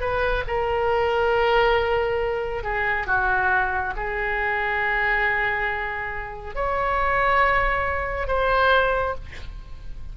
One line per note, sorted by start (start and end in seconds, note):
0.00 0.43 B4
0.47 2.63 A#4
2.63 3.07 G#4
3.07 3.94 F#4
3.96 6.55 G#4
6.55 8.27 C#5
8.27 9.14 C5